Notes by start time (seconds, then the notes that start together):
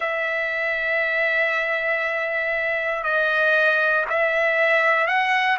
0.00 E5
3.03 D#5
4.09 E5
5.07 F#5